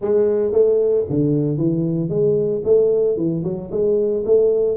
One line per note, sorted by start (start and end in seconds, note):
0.01 0.52 G#3
0.52 1.04 A3
1.09 1.57 D3
1.57 2.09 E3
2.09 2.62 G#3
2.64 3.17 A3
3.17 3.43 E3
3.44 3.70 F#3
3.71 4.23 G#3
4.25 4.77 A3